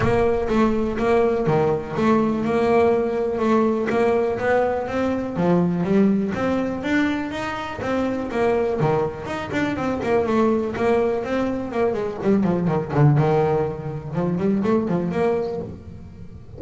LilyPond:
\new Staff \with { instrumentName = "double bass" } { \time 4/4 \tempo 4 = 123 ais4 a4 ais4 dis4 | a4 ais2 a4 | ais4 b4 c'4 f4 | g4 c'4 d'4 dis'4 |
c'4 ais4 dis4 dis'8 d'8 | c'8 ais8 a4 ais4 c'4 | ais8 gis8 g8 f8 dis8 d8 dis4~ | dis4 f8 g8 a8 f8 ais4 | }